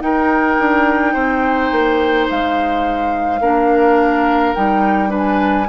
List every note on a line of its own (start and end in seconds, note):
0.00 3.40 D#4
0.00 0.57 D#4
0.00 1.13 A#4
0.00 2.27 G5
0.59 1.15 D4
1.13 1.71 C4
1.13 3.39 C5
1.71 2.28 A#3
2.30 3.40 G#3
2.30 4.54 F5
3.40 4.54 A#3
3.40 4.56 D4
3.40 5.10 A#4
4.54 5.69 G3
4.54 5.08 D#4
4.54 5.11 G5
5.08 5.65 D4
5.08 5.66 B4
5.08 5.69 G#5